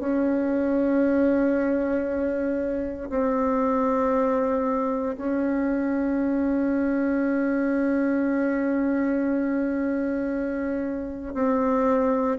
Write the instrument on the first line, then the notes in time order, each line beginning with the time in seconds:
bassoon
0.00 C#4
3.10 C4
5.17 C#4
11.34 C4